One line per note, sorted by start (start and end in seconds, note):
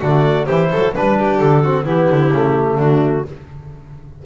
0.00 0.48 D3
0.00 0.48 A3
0.00 0.46 F#4
0.00 0.46 D5
0.46 0.72 E3
0.46 0.94 E4
0.46 0.69 G4
0.46 0.92 C5
0.71 0.97 F#3
0.71 0.95 A4
0.94 1.40 G3
0.94 1.64 D4
0.94 1.38 B4
0.94 1.18 B4
1.18 1.63 G4
1.38 1.86 D3
1.38 1.84 A4
1.63 1.84 C4
1.63 1.85 F#4
1.84 2.09 E3
1.84 2.30 B3
1.84 2.76 E4
1.84 2.79 G4
2.10 2.31 D3
2.31 2.75 C#3
2.31 3.25 A3
2.75 3.22 D3
2.75 3.23 D4
2.75 3.25 F#4